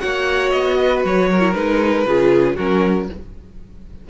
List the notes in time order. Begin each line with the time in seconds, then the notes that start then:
0.00 A#3 F#4 C#5 F#5
0.50 B3 D#5
0.79 B4
1.04 F#3 C#5
1.31 A#4
1.40 E4
1.54 G#3 D#4 B4
2.06 C#3 F4 G#4
2.55 F#3 C#4 F#4 A#4